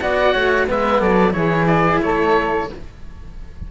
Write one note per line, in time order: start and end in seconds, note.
0.00 0.34 B3
0.00 0.67 F#4
0.00 0.32 D5
0.00 0.67 F#5
0.32 0.68 A3
0.32 0.66 C#5
0.67 1.01 G#3
0.67 1.30 B3
0.67 1.00 B4
0.67 1.01 E5
1.00 1.33 F#3
1.00 1.33 A4
1.00 1.32 D5
1.30 2.00 E3
1.30 2.64 E4
1.30 2.02 G#4
1.30 1.66 C#5
1.66 2.00 D5
2.02 2.69 A3
2.02 2.71 A4
2.02 2.69 C#5